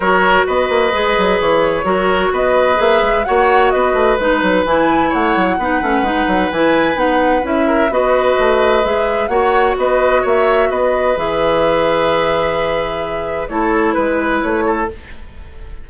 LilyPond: <<
  \new Staff \with { instrumentName = "flute" } { \time 4/4 \tempo 4 = 129 cis''4 dis''2 cis''4~ | cis''4 dis''4 e''4 fis''4 | dis''4 b'4 gis''4 fis''4~ | fis''2 gis''4 fis''4 |
e''4 dis''2 e''4 | fis''4 dis''4 e''4 dis''4 | e''1~ | e''4 cis''4 b'4 cis''4 | }
  \new Staff \with { instrumentName = "oboe" } { \time 4/4 ais'4 b'2. | ais'4 b'2 cis''4 | b'2. cis''4 | b'1~ |
b'8 ais'8 b'2. | cis''4 b'4 cis''4 b'4~ | b'1~ | b'4 a'4 b'4. a'8 | }
  \new Staff \with { instrumentName = "clarinet" } { \time 4/4 fis'2 gis'2 | fis'2 gis'4 fis'4~ | fis'4 dis'4 e'2 | dis'8 cis'8 dis'4 e'4 dis'4 |
e'4 fis'2 gis'4 | fis'1 | gis'1~ | gis'4 e'2. | }
  \new Staff \with { instrumentName = "bassoon" } { \time 4/4 fis4 b8 ais8 gis8 fis8 e4 | fis4 b4 ais8 gis8 ais4 | b8 a8 gis8 fis8 e4 a8 fis8 | b8 a8 gis8 fis8 e4 b4 |
cis'4 b4 a4 gis4 | ais4 b4 ais4 b4 | e1~ | e4 a4 gis4 a4 | }
>>